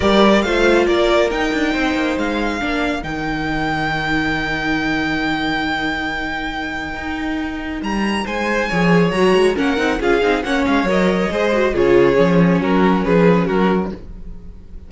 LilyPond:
<<
  \new Staff \with { instrumentName = "violin" } { \time 4/4 \tempo 4 = 138 d''4 f''4 d''4 g''4~ | g''4 f''2 g''4~ | g''1~ | g''1~ |
g''2 ais''4 gis''4~ | gis''4 ais''4 fis''4 f''4 | fis''8 f''8 dis''2 cis''4~ | cis''4 ais'4 b'4 ais'4 | }
  \new Staff \with { instrumentName = "violin" } { \time 4/4 ais'4 c''4 ais'2 | c''2 ais'2~ | ais'1~ | ais'1~ |
ais'2. c''4 | cis''2 ais'4 gis'4 | cis''2 c''4 gis'4~ | gis'4 fis'4 gis'4 fis'4 | }
  \new Staff \with { instrumentName = "viola" } { \time 4/4 g'4 f'2 dis'4~ | dis'2 d'4 dis'4~ | dis'1~ | dis'1~ |
dis'1 | gis'4 fis'4 cis'8 dis'8 f'8 dis'8 | cis'4 ais'4 gis'8 fis'8 f'4 | cis'1 | }
  \new Staff \with { instrumentName = "cello" } { \time 4/4 g4 a4 ais4 dis'8 d'8 | c'8 ais8 gis4 ais4 dis4~ | dis1~ | dis1 |
dis'2 g4 gis4 | f4 fis8 gis8 ais8 c'8 cis'8 c'8 | ais8 gis8 fis4 gis4 cis4 | f4 fis4 f4 fis4 | }
>>